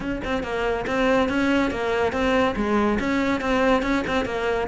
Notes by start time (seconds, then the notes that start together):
0.00 C#4
0.24 C4
0.43 A#3
0.86 C4
1.28 C#4
1.70 A#3
2.12 C4
2.56 G#3
2.99 C#4
3.40 C4
3.82 C#4
4.07 C4
4.25 A#3